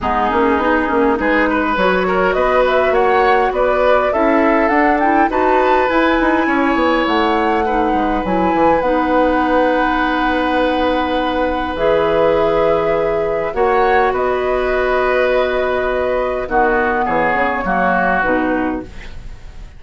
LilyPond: <<
  \new Staff \with { instrumentName = "flute" } { \time 4/4 \tempo 4 = 102 gis'2 b'4 cis''4 | dis''8 e''8 fis''4 d''4 e''4 | fis''8 g''8 a''4 gis''2 | fis''2 gis''4 fis''4~ |
fis''1 | e''2. fis''4 | dis''1 | fis''4 cis''2 b'4 | }
  \new Staff \with { instrumentName = "oboe" } { \time 4/4 dis'2 gis'8 b'4 ais'8 | b'4 cis''4 b'4 a'4~ | a'4 b'2 cis''4~ | cis''4 b'2.~ |
b'1~ | b'2. cis''4 | b'1 | fis'4 gis'4 fis'2 | }
  \new Staff \with { instrumentName = "clarinet" } { \time 4/4 b8 cis'8 dis'8 cis'8 dis'4 fis'4~ | fis'2. e'4 | d'8 e'8 fis'4 e'2~ | e'4 dis'4 e'4 dis'4~ |
dis'1 | gis'2. fis'4~ | fis'1 | b2 ais4 dis'4 | }
  \new Staff \with { instrumentName = "bassoon" } { \time 4/4 gis8 ais8 b8 ais8 gis4 fis4 | b4 ais4 b4 cis'4 | d'4 dis'4 e'8 dis'8 cis'8 b8 | a4. gis8 fis8 e8 b4~ |
b1 | e2. ais4 | b1 | dis4 e8 cis8 fis4 b,4 | }
>>